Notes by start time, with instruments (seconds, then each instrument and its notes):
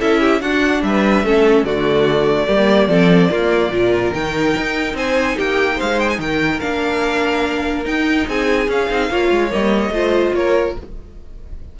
0.00 cello C#4, viola E4, violin A4 E5
0.21 violin G4
0.42 cello D4, viola D4, violin F#4 F#5
0.83 cello G3, violin B4 E5
1.24 cello A3, viola C#4, violin A4
1.64 cello D3, viola A3, violin F#4 D5
2.47 cello G3, viola A#3, violin G4
2.88 cello F3, viola C4, violin A4
3.31 cello A#3, viola A#3, violin F4
3.70 cello A#2, viola F4, violin A#4
4.14 cello D#3, viola D#4, violin G5
4.58 cello D#4
4.94 cello C4, violin C5 G#5
5.36 cello A#3, violin G4 G5
5.77 cello G#3, violin C5 F5
6.00 violin G5
6.10 violin G#5
6.19 cello D#3, violin A#4 G5
6.61 cello A#3, viola D4, violin F5
7.85 viola D#4, cello D#4, violin G5
8.28 cello C4, violin G#4 G#5
8.68 cello C#4, viola C#4, violin F5
8.91 cello C4, viola D#4
9.10 cello A#3, viola F4, violin C#5
9.31 cello G#3
9.50 cello G3, viola A#3, violin D#5
9.90 cello A3, viola F4, violin C5
10.35 cello A#3, violin A#4 C#5